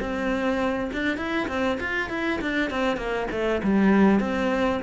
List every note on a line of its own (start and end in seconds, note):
0.00 0.91 C4
0.93 1.17 D4
1.17 1.48 E4
1.48 1.79 C4
1.80 2.10 F4
2.10 2.40 E4
2.41 2.71 D4
2.71 2.97 C4
2.97 3.27 A#3
3.31 3.62 A3
3.63 4.20 G3
4.20 4.81 C4